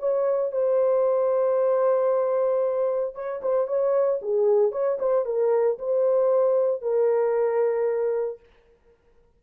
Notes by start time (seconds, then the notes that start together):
0.00 C#5
0.52 C5
3.15 C#5
3.43 C5
3.68 C#5
4.22 G#4
4.72 C#5
5.00 C5
5.26 A#4
5.79 C5
6.82 A#4